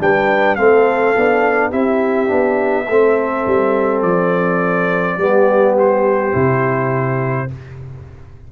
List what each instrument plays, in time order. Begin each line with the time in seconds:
0.00 tuba G3, trombone D4, horn B4, trumpet G5
0.56 tuba A3, trombone C4, horn A4, trumpet F5
1.16 tuba B3, trombone D4
1.70 tuba C4, trombone E4, horn G4, trumpet E5
2.28 tuba B3, trombone D4
2.89 tuba A3, trombone C4, horn A4
3.47 tuba G3
4.03 tuba F3, trumpet D5
5.18 tuba G3, trombone B3, horn G4
5.79 trumpet C5
6.33 tuba C3, trombone E4